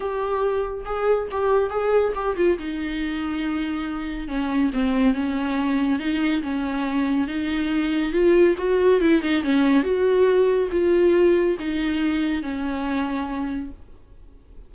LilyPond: \new Staff \with { instrumentName = "viola" } { \time 4/4 \tempo 4 = 140 g'2 gis'4 g'4 | gis'4 g'8 f'8 dis'2~ | dis'2 cis'4 c'4 | cis'2 dis'4 cis'4~ |
cis'4 dis'2 f'4 | fis'4 e'8 dis'8 cis'4 fis'4~ | fis'4 f'2 dis'4~ | dis'4 cis'2. | }